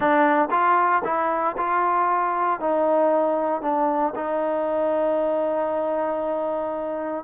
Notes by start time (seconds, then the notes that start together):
0.00 D4
0.50 F4
1.04 E4
1.57 F4
2.60 D#4
3.61 D4
4.15 D#4